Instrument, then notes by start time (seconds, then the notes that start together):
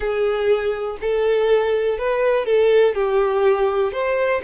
violin
0.00 G#4
1.00 A4
1.98 B4
2.45 A4
2.94 G4
3.92 C5